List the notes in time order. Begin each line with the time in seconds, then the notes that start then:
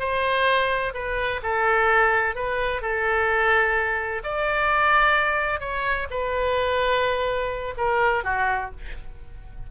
0.00 C5
0.94 B4
1.43 A4
2.35 B4
2.82 A4
4.24 D5
5.61 C#5
6.11 B4
7.78 A#4
8.24 F#4